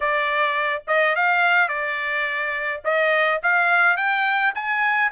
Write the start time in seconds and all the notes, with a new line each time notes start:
0.00 D5
0.87 D#5
1.15 F5
1.68 D5
2.84 D#5
3.42 F5
3.96 G5
4.54 G#5